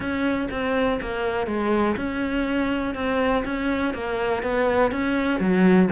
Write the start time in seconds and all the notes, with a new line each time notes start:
0.00 C#4
0.51 C4
1.01 A#3
1.46 G#3
1.96 C#4
2.94 C4
3.44 C#4
3.94 A#3
4.42 B3
4.91 C#4
5.40 F#3